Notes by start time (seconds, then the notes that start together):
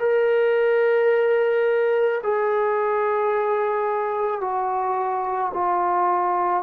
0.00 A#4
2.24 G#4
4.41 F#4
5.54 F4